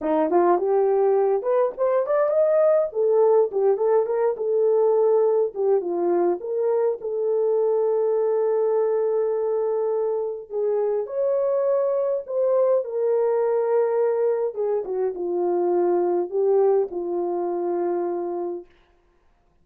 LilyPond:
\new Staff \with { instrumentName = "horn" } { \time 4/4 \tempo 4 = 103 dis'8 f'8 g'4. b'8 c''8 d''8 | dis''4 a'4 g'8 a'8 ais'8 a'8~ | a'4. g'8 f'4 ais'4 | a'1~ |
a'2 gis'4 cis''4~ | cis''4 c''4 ais'2~ | ais'4 gis'8 fis'8 f'2 | g'4 f'2. | }